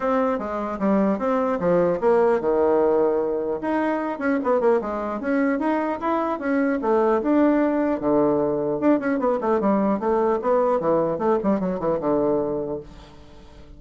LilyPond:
\new Staff \with { instrumentName = "bassoon" } { \time 4/4 \tempo 4 = 150 c'4 gis4 g4 c'4 | f4 ais4 dis2~ | dis4 dis'4. cis'8 b8 ais8 | gis4 cis'4 dis'4 e'4 |
cis'4 a4 d'2 | d2 d'8 cis'8 b8 a8 | g4 a4 b4 e4 | a8 g8 fis8 e8 d2 | }